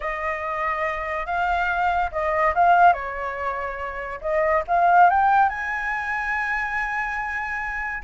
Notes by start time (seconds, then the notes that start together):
0.00 D#5
1.26 F5
2.11 D#5
2.55 F5
2.93 C#5
4.21 D#5
4.67 F5
5.09 G5
5.49 G#5